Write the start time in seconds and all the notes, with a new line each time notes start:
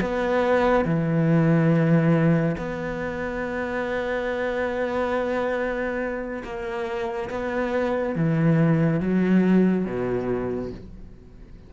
0.00 B3
0.85 E3
2.57 B3
6.43 A#3
7.29 B3
8.15 E3
9.00 F#3
9.85 B2